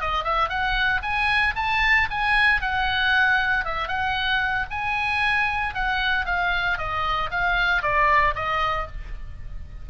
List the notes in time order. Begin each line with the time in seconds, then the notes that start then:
0.00 D#5
0.23 E5
0.49 F#5
1.02 G#5
1.55 A5
2.10 G#5
2.61 F#5
3.64 E5
3.88 F#5
4.70 G#5
5.74 F#5
6.25 F5
6.77 D#5
7.30 F5
7.82 D5
8.35 D#5